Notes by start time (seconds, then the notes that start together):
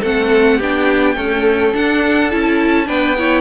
0.00 A3 C4 A4 F#5
0.57 B3 D4 G4 G5
1.15 A3 C#4 A4
1.73 D4 F#5
2.30 C#4 E4 A5
2.86 B3 D4 B4 G5
3.18 E4 C#5